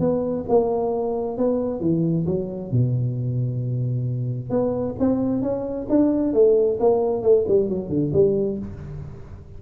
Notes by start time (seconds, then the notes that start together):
0.00 B3
0.49 A#3
1.37 B3
1.80 E3
2.26 F#3
2.72 B2
4.50 B3
5.00 C4
5.42 C#4
5.90 D4
6.34 A3
6.80 A#3
7.23 A3
7.48 G3
7.69 F#3
7.89 D3
8.13 G3